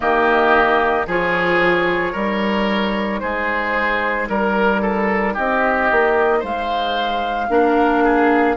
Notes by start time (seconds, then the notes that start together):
0.00 D#3 A#3 G4 D#5
1.06 F3 F4 G#4 C#5
2.12 G3 D#4 A#4
3.20 G#3 G#4 C5
4.28 G3 A#4
4.81 A4
5.33 C4 G4 D#5
5.91 A#3
6.39 G#3 C5 F5
7.49 A#3 D4 A#4
8.04 G#4